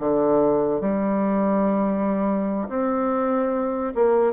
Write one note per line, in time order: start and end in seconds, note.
0.00 0.81 D3
0.81 2.69 G3
2.69 3.94 C4
3.95 4.33 A#3